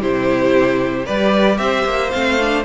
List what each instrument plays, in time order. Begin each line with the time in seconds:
0.00 cello C3, viola E4, violin G4 C5
1.05 cello G3, viola G4, violin B4 D5
1.58 cello C4, violin C5 E5
1.84 cello A#3
2.10 cello A3, viola C4, violin F5
2.40 viola D4